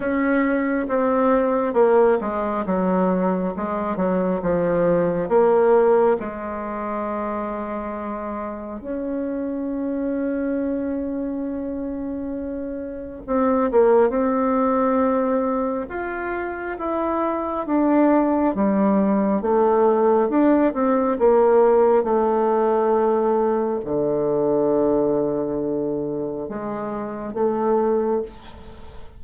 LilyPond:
\new Staff \with { instrumentName = "bassoon" } { \time 4/4 \tempo 4 = 68 cis'4 c'4 ais8 gis8 fis4 | gis8 fis8 f4 ais4 gis4~ | gis2 cis'2~ | cis'2. c'8 ais8 |
c'2 f'4 e'4 | d'4 g4 a4 d'8 c'8 | ais4 a2 d4~ | d2 gis4 a4 | }